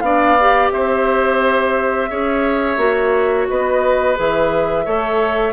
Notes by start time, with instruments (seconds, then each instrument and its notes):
0.00 bassoon B3, clarinet D4, oboe D5, flute F5
0.40 clarinet G4
0.71 bassoon C4, oboe C5, flute E5
2.09 bassoon C#4, clarinet G#4, oboe C#5
2.77 bassoon A#3, clarinet F#4
3.48 bassoon B3, oboe B4, flute D#5
4.16 bassoon E3, clarinet G#4, flute E5
4.85 bassoon A3, clarinet A4, oboe C#5